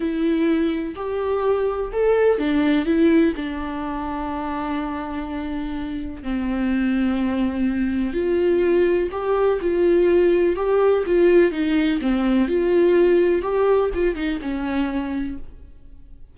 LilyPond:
\new Staff \with { instrumentName = "viola" } { \time 4/4 \tempo 4 = 125 e'2 g'2 | a'4 d'4 e'4 d'4~ | d'1~ | d'4 c'2.~ |
c'4 f'2 g'4 | f'2 g'4 f'4 | dis'4 c'4 f'2 | g'4 f'8 dis'8 cis'2 | }